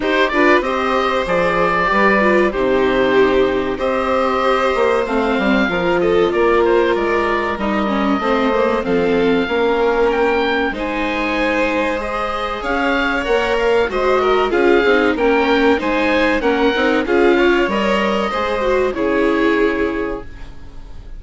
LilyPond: <<
  \new Staff \with { instrumentName = "oboe" } { \time 4/4 \tempo 4 = 95 c''8 d''8 dis''4 d''2 | c''2 dis''2 | f''4. dis''8 d''8 c''8 d''4 | dis''2 f''2 |
g''4 gis''2 dis''4 | f''4 fis''8 f''8 dis''4 f''4 | g''4 gis''4 fis''4 f''4 | dis''2 cis''2 | }
  \new Staff \with { instrumentName = "violin" } { \time 4/4 g'8 b'8 c''2 b'4 | g'2 c''2~ | c''4 ais'8 a'8 ais'2~ | ais'4 c''4 a'4 ais'4~ |
ais'4 c''2. | cis''2 c''8 ais'8 gis'4 | ais'4 c''4 ais'4 gis'8 cis''8~ | cis''4 c''4 gis'2 | }
  \new Staff \with { instrumentName = "viola" } { \time 4/4 dis'8 f'8 g'4 gis'4 g'8 f'8 | dis'2 g'2 | c'4 f'2. | dis'8 cis'8 c'8 ais8 c'4 cis'4~ |
cis'4 dis'2 gis'4~ | gis'4 ais'4 fis'4 f'8 dis'8 | cis'4 dis'4 cis'8 dis'8 f'4 | ais'4 gis'8 fis'8 e'2 | }
  \new Staff \with { instrumentName = "bassoon" } { \time 4/4 dis'8 d'8 c'4 f4 g4 | c2 c'4. ais8 | a8 g8 f4 ais4 gis4 | g4 a4 f4 ais4~ |
ais4 gis2. | cis'4 ais4 gis4 cis'8 c'8 | ais4 gis4 ais8 c'8 cis'4 | g4 gis4 cis2 | }
>>